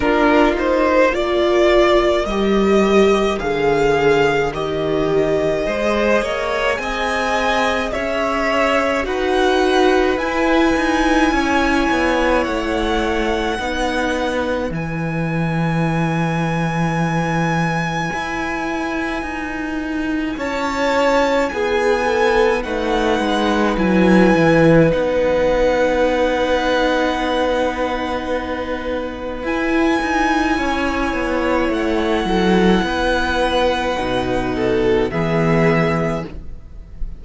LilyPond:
<<
  \new Staff \with { instrumentName = "violin" } { \time 4/4 \tempo 4 = 53 ais'8 c''8 d''4 dis''4 f''4 | dis''2 gis''4 e''4 | fis''4 gis''2 fis''4~ | fis''4 gis''2.~ |
gis''2 a''4 gis''4 | fis''4 gis''4 fis''2~ | fis''2 gis''2 | fis''2. e''4 | }
  \new Staff \with { instrumentName = "violin" } { \time 4/4 f'4 ais'2.~ | ais'4 c''8 cis''8 dis''4 cis''4 | b'2 cis''2 | b'1~ |
b'2 cis''4 gis'8 a'8 | b'1~ | b'2. cis''4~ | cis''8 a'8 b'4. a'8 gis'4 | }
  \new Staff \with { instrumentName = "viola" } { \time 4/4 d'8 dis'8 f'4 g'4 gis'4 | g'4 gis'2. | fis'4 e'2. | dis'4 e'2.~ |
e'1 | dis'4 e'4 dis'2~ | dis'2 e'2~ | e'2 dis'4 b4 | }
  \new Staff \with { instrumentName = "cello" } { \time 4/4 ais2 g4 d4 | dis4 gis8 ais8 c'4 cis'4 | dis'4 e'8 dis'8 cis'8 b8 a4 | b4 e2. |
e'4 dis'4 cis'4 b4 | a8 gis8 fis8 e8 b2~ | b2 e'8 dis'8 cis'8 b8 | a8 fis8 b4 b,4 e4 | }
>>